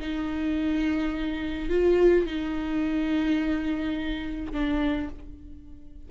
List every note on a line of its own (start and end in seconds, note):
0.00 1.70 D#4
1.70 2.26 F4
2.26 4.52 D#4
4.52 5.09 D4